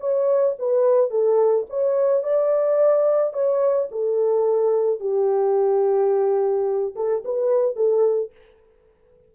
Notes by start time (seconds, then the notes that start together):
0.00 C#5
0.59 B4
1.11 A4
1.70 C#5
2.23 D5
3.34 C#5
3.91 A4
5.00 G4
6.96 A4
7.25 B4
7.76 A4